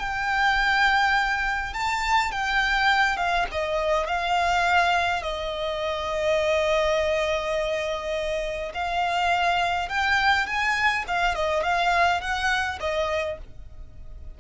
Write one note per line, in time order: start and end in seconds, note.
0.00 1.74 G5
1.74 2.32 A5
2.32 3.17 G5
3.17 3.46 F5
3.52 4.08 D#5
4.08 5.23 F5
5.23 8.72 D#5
8.75 9.89 F5
9.89 10.47 G5
10.47 11.05 G#5
11.08 11.35 F5
11.35 11.64 D#5
11.64 12.21 F5
12.21 12.79 F#5
12.80 13.39 D#5